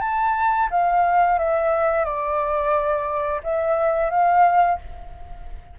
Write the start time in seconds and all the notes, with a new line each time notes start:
0.00 A5
0.70 F5
1.38 E5
2.04 D5
3.43 E5
4.10 F5